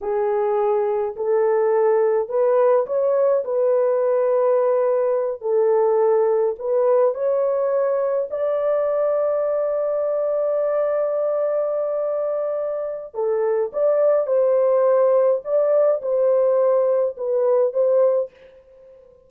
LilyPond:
\new Staff \with { instrumentName = "horn" } { \time 4/4 \tempo 4 = 105 gis'2 a'2 | b'4 cis''4 b'2~ | b'4. a'2 b'8~ | b'8 cis''2 d''4.~ |
d''1~ | d''2. a'4 | d''4 c''2 d''4 | c''2 b'4 c''4 | }